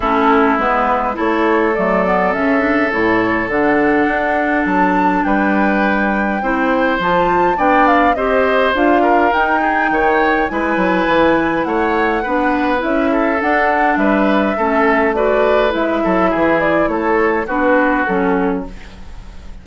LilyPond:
<<
  \new Staff \with { instrumentName = "flute" } { \time 4/4 \tempo 4 = 103 a'4 b'4 cis''4 d''4 | e''4 cis''4 fis''2 | a''4 g''2. | a''4 g''8 f''8 dis''4 f''4 |
g''2 gis''2 | fis''2 e''4 fis''4 | e''2 d''4 e''4~ | e''8 d''8 cis''4 b'4 a'4 | }
  \new Staff \with { instrumentName = "oboe" } { \time 4/4 e'2 a'2~ | a'1~ | a'4 b'2 c''4~ | c''4 d''4 c''4. ais'8~ |
ais'8 gis'8 cis''4 b'2 | cis''4 b'4. a'4. | b'4 a'4 b'4. a'8 | gis'4 a'4 fis'2 | }
  \new Staff \with { instrumentName = "clarinet" } { \time 4/4 cis'4 b4 e'4 a8 b8 | cis'8 d'8 e'4 d'2~ | d'2. e'4 | f'4 d'4 g'4 f'4 |
dis'2 e'2~ | e'4 d'4 e'4 d'4~ | d'4 cis'4 fis'4 e'4~ | e'2 d'4 cis'4 | }
  \new Staff \with { instrumentName = "bassoon" } { \time 4/4 a4 gis4 a4 fis4 | cis4 a,4 d4 d'4 | fis4 g2 c'4 | f4 b4 c'4 d'4 |
dis'4 dis4 gis8 fis8 e4 | a4 b4 cis'4 d'4 | g4 a2 gis8 fis8 | e4 a4 b4 fis4 | }
>>